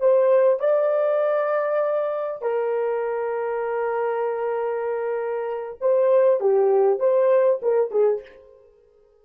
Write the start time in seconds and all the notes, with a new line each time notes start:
0.00 C5
0.60 D5
2.42 A#4
5.81 C5
6.40 G4
7.00 C5
7.62 A#4
7.91 G#4